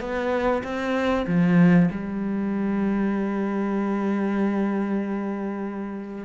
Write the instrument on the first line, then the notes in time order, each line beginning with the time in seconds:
cello
0.00 B3
0.63 C4
1.26 F3
1.91 G3